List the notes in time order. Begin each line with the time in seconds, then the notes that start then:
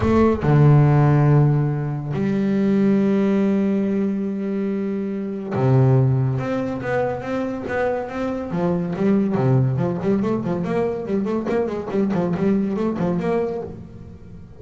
0.00 A3
0.42 D3
2.13 G3
5.54 C3
6.38 C4
6.81 B3
7.21 C4
7.68 B3
8.09 C4
8.51 F3
8.96 G3
9.34 C3
9.76 F3
10.01 G3
10.22 A3
10.43 F3
10.64 A#3
11.05 G3
11.25 A3
11.49 A#3
11.66 G#3
11.90 G3
12.13 F3
12.36 G3
12.76 A3
12.98 F3
13.19 A#3